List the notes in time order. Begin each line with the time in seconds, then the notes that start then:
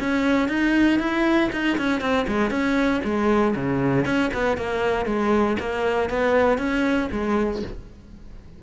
0.00 C#4
0.49 D#4
0.99 E4
1.53 D#4
1.78 C#4
2.01 C4
2.28 G#3
2.51 C#4
3.04 G#3
3.56 C#3
4.05 C#4
4.34 B3
4.57 A#3
5.06 G#3
5.60 A#3
6.10 B3
6.58 C#4
7.12 G#3